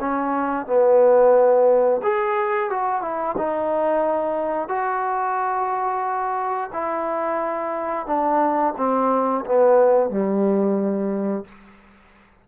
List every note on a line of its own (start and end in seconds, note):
0.00 0.66 C#4
0.66 2.01 B3
2.03 2.70 G#4
2.70 3.02 F#4
3.02 3.36 E4
3.37 4.68 D#4
4.68 6.70 F#4
6.73 8.07 E4
8.07 8.74 D4
8.77 9.45 C4
9.45 10.10 B3
10.10 11.45 G3